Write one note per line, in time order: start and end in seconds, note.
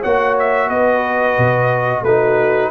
0.00 0.70 A#3
0.00 2.06 F#4
0.00 0.67 C#5
0.00 0.37 F#5
0.39 0.69 E5
0.68 1.37 B3
0.68 2.03 B4
0.68 2.04 D#5
1.38 2.02 B2
2.02 2.70 A3
2.02 2.71 D#4
2.02 2.71 F#4
2.02 2.71 B4